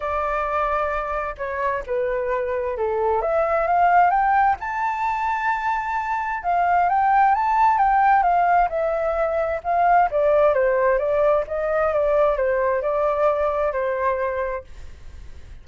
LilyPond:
\new Staff \with { instrumentName = "flute" } { \time 4/4 \tempo 4 = 131 d''2. cis''4 | b'2 a'4 e''4 | f''4 g''4 a''2~ | a''2 f''4 g''4 |
a''4 g''4 f''4 e''4~ | e''4 f''4 d''4 c''4 | d''4 dis''4 d''4 c''4 | d''2 c''2 | }